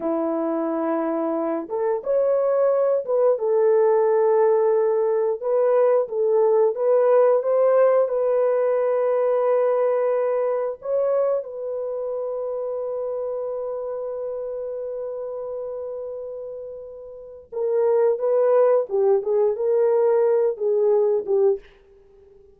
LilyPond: \new Staff \with { instrumentName = "horn" } { \time 4/4 \tempo 4 = 89 e'2~ e'8 a'8 cis''4~ | cis''8 b'8 a'2. | b'4 a'4 b'4 c''4 | b'1 |
cis''4 b'2.~ | b'1~ | b'2 ais'4 b'4 | g'8 gis'8 ais'4. gis'4 g'8 | }